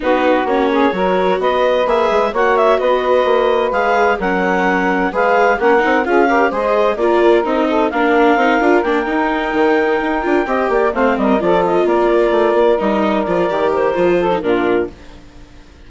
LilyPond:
<<
  \new Staff \with { instrumentName = "clarinet" } { \time 4/4 \tempo 4 = 129 b'4 cis''2 dis''4 | e''4 fis''8 e''8 dis''2 | f''4 fis''2 f''4 | fis''4 f''4 dis''4 d''4 |
dis''4 f''2 g''4~ | g''2.~ g''8 f''8 | dis''8 d''8 dis''8 d''2 dis''8~ | dis''8 d''4 c''4. ais'4 | }
  \new Staff \with { instrumentName = "saxophone" } { \time 4/4 fis'4. gis'8 ais'4 b'4~ | b'4 cis''4 b'2~ | b'4 ais'2 b'4 | ais'4 gis'8 ais'8 c''4 ais'4~ |
ais'8 a'8 ais'2.~ | ais'2~ ais'8 dis''8 d''8 c''8 | ais'8 a'4 ais'2~ ais'8~ | ais'2~ ais'8 a'8 f'4 | }
  \new Staff \with { instrumentName = "viola" } { \time 4/4 dis'4 cis'4 fis'2 | gis'4 fis'2. | gis'4 cis'2 gis'4 | cis'8 dis'8 f'8 g'8 gis'4 f'4 |
dis'4 d'4 dis'8 f'8 d'8 dis'8~ | dis'2 f'8 g'4 c'8~ | c'8 f'2. dis'8~ | dis'8 f'8 g'4 f'8. dis'16 d'4 | }
  \new Staff \with { instrumentName = "bassoon" } { \time 4/4 b4 ais4 fis4 b4 | ais8 gis8 ais4 b4 ais4 | gis4 fis2 gis4 | ais8 c'8 cis'4 gis4 ais4 |
c'4 ais4 c'8 d'8 ais8 dis'8~ | dis'8 dis4 dis'8 d'8 c'8 ais8 a8 | g8 f4 ais4 a8 ais8 g8~ | g8 f8 dis4 f4 ais,4 | }
>>